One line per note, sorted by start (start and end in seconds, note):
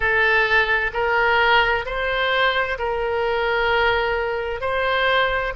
0.00 0.91 A4
0.93 1.85 A#4
1.85 2.78 C5
2.78 4.61 A#4
4.61 5.53 C5